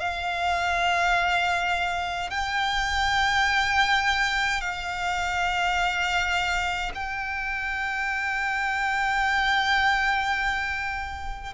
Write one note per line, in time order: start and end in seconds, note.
0.00 2.30 F5
2.30 4.61 G5
4.61 6.92 F5
6.94 11.54 G5